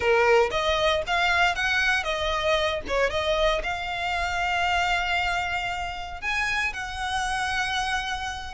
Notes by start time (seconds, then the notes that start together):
0.00 A#4
0.50 D#5
1.07 F5
1.55 F#5
2.03 D#5
2.87 C#5
3.10 D#5
3.63 F5
6.21 G#5
6.73 F#5